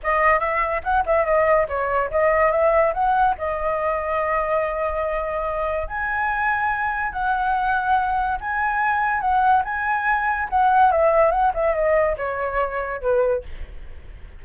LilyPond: \new Staff \with { instrumentName = "flute" } { \time 4/4 \tempo 4 = 143 dis''4 e''4 fis''8 e''8 dis''4 | cis''4 dis''4 e''4 fis''4 | dis''1~ | dis''2 gis''2~ |
gis''4 fis''2. | gis''2 fis''4 gis''4~ | gis''4 fis''4 e''4 fis''8 e''8 | dis''4 cis''2 b'4 | }